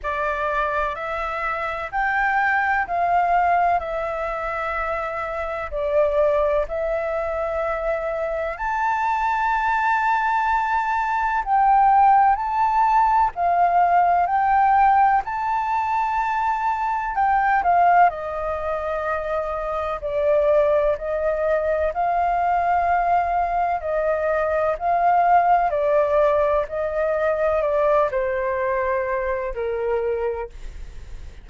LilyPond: \new Staff \with { instrumentName = "flute" } { \time 4/4 \tempo 4 = 63 d''4 e''4 g''4 f''4 | e''2 d''4 e''4~ | e''4 a''2. | g''4 a''4 f''4 g''4 |
a''2 g''8 f''8 dis''4~ | dis''4 d''4 dis''4 f''4~ | f''4 dis''4 f''4 d''4 | dis''4 d''8 c''4. ais'4 | }